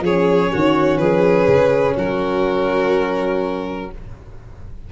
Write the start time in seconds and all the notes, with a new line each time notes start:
0.00 F3 C#4 G#4 C#5
0.52 D#3 F#4
0.97 F3 G#4 B4
1.47 C#3
1.96 F#3 F#4 A#4